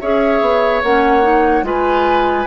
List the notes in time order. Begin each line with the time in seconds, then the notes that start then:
0.00 C#4 G#4 C#5 E5
0.41 B3
0.83 A#3 C#4 F#5
1.23 D#4
1.63 G#3 F4 B4 G#5